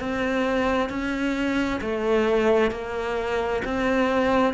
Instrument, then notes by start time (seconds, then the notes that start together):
cello
0.00 C4
0.90 C#4
1.81 A3
2.71 A#3
3.65 C4